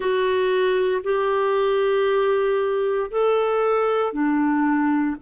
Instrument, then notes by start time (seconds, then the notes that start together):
clarinet
0.00 F#4
1.03 G4
3.10 A4
4.12 D4